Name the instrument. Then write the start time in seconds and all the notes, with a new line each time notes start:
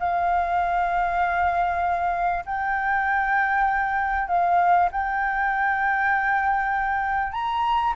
flute
0.00 F5
2.46 G5
4.29 F5
4.92 G5
7.33 A#5